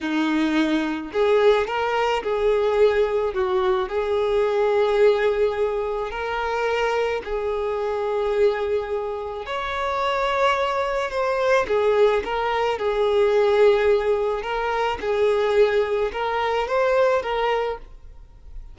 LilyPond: \new Staff \with { instrumentName = "violin" } { \time 4/4 \tempo 4 = 108 dis'2 gis'4 ais'4 | gis'2 fis'4 gis'4~ | gis'2. ais'4~ | ais'4 gis'2.~ |
gis'4 cis''2. | c''4 gis'4 ais'4 gis'4~ | gis'2 ais'4 gis'4~ | gis'4 ais'4 c''4 ais'4 | }